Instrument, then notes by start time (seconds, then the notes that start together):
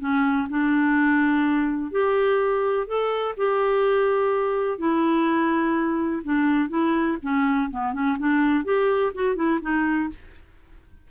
clarinet
0.00 C#4
0.50 D4
1.92 G4
2.88 A4
3.38 G4
4.79 E4
6.24 D4
6.70 E4
7.23 C#4
7.71 B3
7.94 C#4
8.19 D4
8.65 G4
9.15 F#4
9.36 E4
9.62 D#4